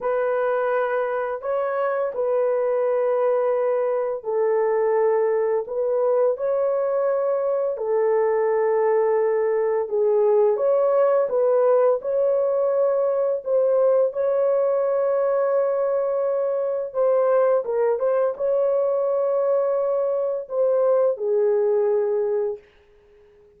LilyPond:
\new Staff \with { instrumentName = "horn" } { \time 4/4 \tempo 4 = 85 b'2 cis''4 b'4~ | b'2 a'2 | b'4 cis''2 a'4~ | a'2 gis'4 cis''4 |
b'4 cis''2 c''4 | cis''1 | c''4 ais'8 c''8 cis''2~ | cis''4 c''4 gis'2 | }